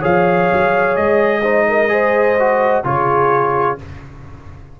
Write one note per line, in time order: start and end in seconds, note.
0.00 0.51 F3
0.00 1.42 G#4
0.00 1.41 C#5
0.00 0.96 F5
0.52 0.97 F#3
0.96 2.84 G#3
0.96 2.83 D#5
1.42 1.88 D#4
1.42 1.65 C5
1.68 1.92 A#4
1.88 2.35 G#4
1.88 2.85 C5
2.39 2.84 F#4
2.84 3.78 C#3
2.84 3.78 F4
2.84 3.80 G#4
2.84 3.79 C#5